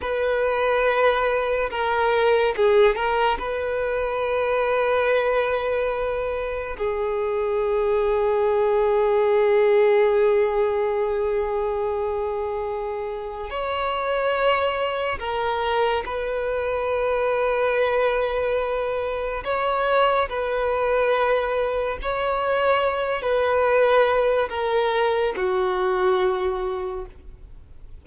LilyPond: \new Staff \with { instrumentName = "violin" } { \time 4/4 \tempo 4 = 71 b'2 ais'4 gis'8 ais'8 | b'1 | gis'1~ | gis'1 |
cis''2 ais'4 b'4~ | b'2. cis''4 | b'2 cis''4. b'8~ | b'4 ais'4 fis'2 | }